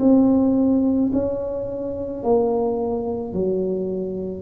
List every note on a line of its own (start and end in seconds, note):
0.00 1.11 C4
1.13 2.24 C#4
2.24 3.33 A#3
3.33 4.42 F#3